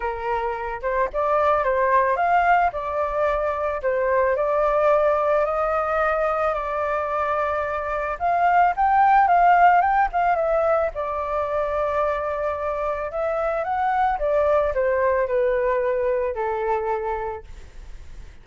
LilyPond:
\new Staff \with { instrumentName = "flute" } { \time 4/4 \tempo 4 = 110 ais'4. c''8 d''4 c''4 | f''4 d''2 c''4 | d''2 dis''2 | d''2. f''4 |
g''4 f''4 g''8 f''8 e''4 | d''1 | e''4 fis''4 d''4 c''4 | b'2 a'2 | }